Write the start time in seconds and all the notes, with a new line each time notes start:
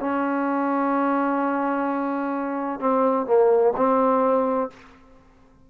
0.00 C#4
2.80 C4
3.26 A#3
3.76 C4